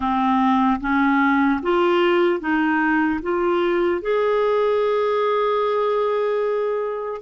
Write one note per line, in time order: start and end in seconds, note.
0.00 0.80 C4
0.80 1.60 C#4
1.62 2.40 F4
2.40 3.20 D#4
3.22 4.01 F4
4.01 7.21 G#4